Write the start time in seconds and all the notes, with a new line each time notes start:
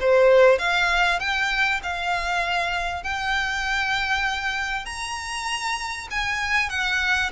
0.00 C5
0.58 F5
1.19 G5
1.83 F5
3.03 G5
4.85 A#5
6.10 G#5
6.69 F#5